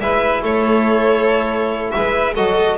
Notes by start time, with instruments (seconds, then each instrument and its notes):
0.00 double bass G#3, trombone E4, violin B4 E5
0.42 double bass A3, violin A4 C#5
1.91 double bass G#3, violin B4 E5
2.35 double bass F#3, trombone F#4, violin A4 D#5